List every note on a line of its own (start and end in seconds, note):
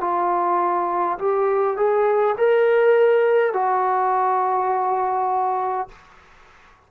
0.00 1.18 F4
1.18 1.76 G4
1.76 2.35 G#4
2.37 3.53 A#4
3.53 5.88 F#4